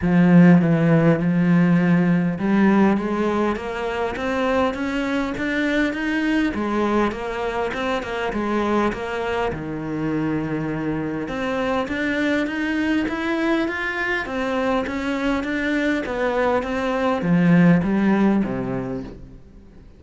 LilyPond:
\new Staff \with { instrumentName = "cello" } { \time 4/4 \tempo 4 = 101 f4 e4 f2 | g4 gis4 ais4 c'4 | cis'4 d'4 dis'4 gis4 | ais4 c'8 ais8 gis4 ais4 |
dis2. c'4 | d'4 dis'4 e'4 f'4 | c'4 cis'4 d'4 b4 | c'4 f4 g4 c4 | }